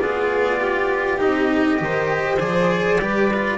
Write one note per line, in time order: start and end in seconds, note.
0.00 1.22 B3
0.00 1.18 F4
0.00 0.60 G#4
0.00 1.20 D5
0.60 1.80 G4
1.18 1.81 C4
1.18 1.78 D#4
1.18 2.40 D#5
1.78 2.40 D#3
1.78 2.38 G4
1.78 3.02 C5
2.40 2.98 F3
2.40 3.00 G#4
2.40 3.58 D5
2.98 3.58 G3
2.98 3.31 G4
2.98 3.58 B4
3.34 3.58 F4